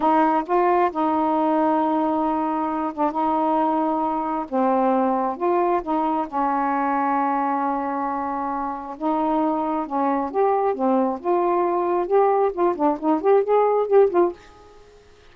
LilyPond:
\new Staff \with { instrumentName = "saxophone" } { \time 4/4 \tempo 4 = 134 dis'4 f'4 dis'2~ | dis'2~ dis'8 d'8 dis'4~ | dis'2 c'2 | f'4 dis'4 cis'2~ |
cis'1 | dis'2 cis'4 g'4 | c'4 f'2 g'4 | f'8 d'8 dis'8 g'8 gis'4 g'8 f'8 | }